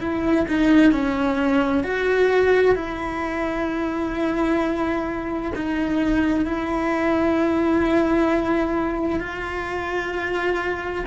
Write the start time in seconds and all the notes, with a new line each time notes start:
0.00 E4
0.48 D#4
0.93 C#4
1.84 F#4
2.76 E4
5.56 D#4
6.45 E4
9.21 F4